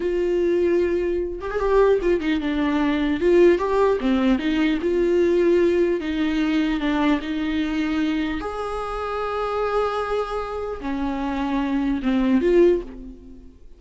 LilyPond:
\new Staff \with { instrumentName = "viola" } { \time 4/4 \tempo 4 = 150 f'2.~ f'8 g'16 gis'16 | g'4 f'8 dis'8 d'2 | f'4 g'4 c'4 dis'4 | f'2. dis'4~ |
dis'4 d'4 dis'2~ | dis'4 gis'2.~ | gis'2. cis'4~ | cis'2 c'4 f'4 | }